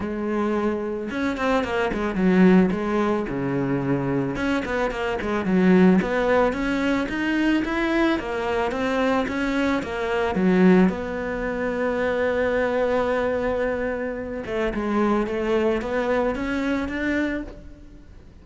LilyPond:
\new Staff \with { instrumentName = "cello" } { \time 4/4 \tempo 4 = 110 gis2 cis'8 c'8 ais8 gis8 | fis4 gis4 cis2 | cis'8 b8 ais8 gis8 fis4 b4 | cis'4 dis'4 e'4 ais4 |
c'4 cis'4 ais4 fis4 | b1~ | b2~ b8 a8 gis4 | a4 b4 cis'4 d'4 | }